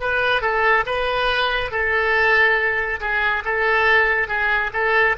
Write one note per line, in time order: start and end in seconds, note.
0.00 0.41 B4
0.41 0.84 A4
0.86 1.71 B4
1.71 3.00 A4
3.00 3.43 G#4
3.44 4.27 A4
4.27 4.70 G#4
4.73 5.16 A4